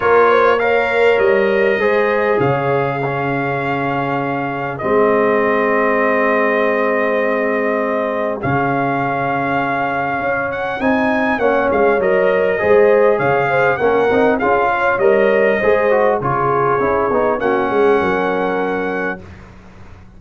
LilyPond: <<
  \new Staff \with { instrumentName = "trumpet" } { \time 4/4 \tempo 4 = 100 cis''4 f''4 dis''2 | f''1 | dis''1~ | dis''2 f''2~ |
f''4. fis''8 gis''4 fis''8 f''8 | dis''2 f''4 fis''4 | f''4 dis''2 cis''4~ | cis''4 fis''2. | }
  \new Staff \with { instrumentName = "horn" } { \time 4/4 ais'8 c''8 cis''2 c''4 | cis''4 gis'2.~ | gis'1~ | gis'1~ |
gis'2. cis''4~ | cis''4 c''4 cis''8 c''8 ais'4 | gis'8 cis''4. c''4 gis'4~ | gis'4 fis'8 gis'8 ais'2 | }
  \new Staff \with { instrumentName = "trombone" } { \time 4/4 f'4 ais'2 gis'4~ | gis'4 cis'2. | c'1~ | c'2 cis'2~ |
cis'2 dis'4 cis'4 | ais'4 gis'2 cis'8 dis'8 | f'4 ais'4 gis'8 fis'8 f'4 | e'8 dis'8 cis'2. | }
  \new Staff \with { instrumentName = "tuba" } { \time 4/4 ais2 g4 gis4 | cis1 | gis1~ | gis2 cis2~ |
cis4 cis'4 c'4 ais8 gis8 | fis4 gis4 cis4 ais8 c'8 | cis'4 g4 gis4 cis4 | cis'8 b8 ais8 gis8 fis2 | }
>>